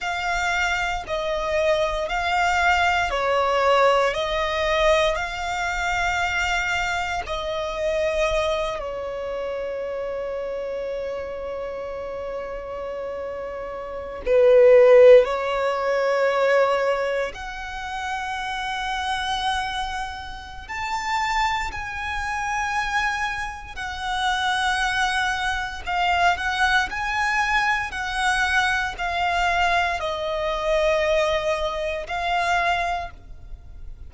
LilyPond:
\new Staff \with { instrumentName = "violin" } { \time 4/4 \tempo 4 = 58 f''4 dis''4 f''4 cis''4 | dis''4 f''2 dis''4~ | dis''8 cis''2.~ cis''8~ | cis''4.~ cis''16 b'4 cis''4~ cis''16~ |
cis''8. fis''2.~ fis''16 | a''4 gis''2 fis''4~ | fis''4 f''8 fis''8 gis''4 fis''4 | f''4 dis''2 f''4 | }